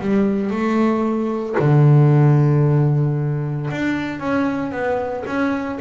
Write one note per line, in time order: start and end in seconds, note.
0.00 0.50 G3
0.50 1.56 A3
1.59 3.70 D3
3.71 4.20 D4
4.20 4.72 C#4
4.72 5.24 B3
5.26 5.79 C#4